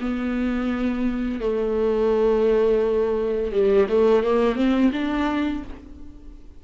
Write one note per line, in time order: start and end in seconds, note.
0.00 1.40 B3
1.40 3.51 A3
3.52 3.87 G3
3.88 4.23 A3
4.23 4.55 A#3
4.55 4.91 C4
4.92 5.63 D4